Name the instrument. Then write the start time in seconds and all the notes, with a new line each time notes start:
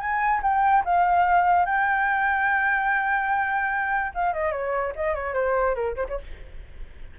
flute
0.00 G#5
0.42 G5
0.85 F5
1.66 G5
4.14 F5
4.34 D#5
4.52 C#5
4.96 D#5
5.14 C#5
5.34 C5
5.75 A#4
5.96 C5
6.09 C#5